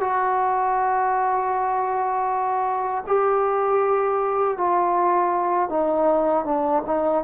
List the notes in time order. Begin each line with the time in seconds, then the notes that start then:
0.00 F#4
3.07 G4
4.57 F4
5.69 D#4
6.45 D4
6.86 D#4